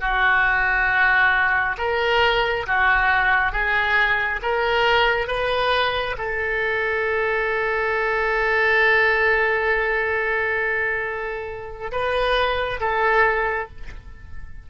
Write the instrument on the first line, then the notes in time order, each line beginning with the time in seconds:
oboe
0.00 F#4
1.78 A#4
2.67 F#4
3.53 G#4
4.43 A#4
5.28 B4
6.18 A4
11.92 B4
12.81 A4